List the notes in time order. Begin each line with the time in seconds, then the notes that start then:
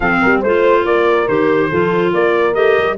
0.00 F3 C4 A4 F5
0.21 G3 A#4
0.40 A3 F4 C5
0.85 A#3 A#4 D5
1.27 D#3 G4 C5
1.69 F3 F4 A4
2.13 A#3 A#4 D5
2.53 A3 G4 D#5
2.77 G3